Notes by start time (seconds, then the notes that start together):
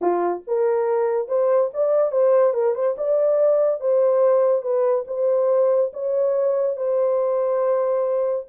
0.01 F4
0.47 A#4
1.28 C5
1.73 D5
2.11 C5
2.53 A#4
2.74 C5
2.97 D5
3.80 C5
4.62 B4
5.07 C5
5.93 C#5
6.77 C5